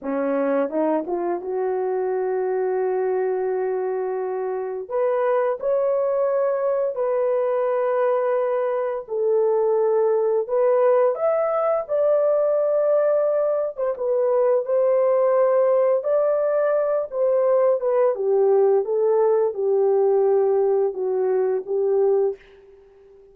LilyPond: \new Staff \with { instrumentName = "horn" } { \time 4/4 \tempo 4 = 86 cis'4 dis'8 f'8 fis'2~ | fis'2. b'4 | cis''2 b'2~ | b'4 a'2 b'4 |
e''4 d''2~ d''8. c''16 | b'4 c''2 d''4~ | d''8 c''4 b'8 g'4 a'4 | g'2 fis'4 g'4 | }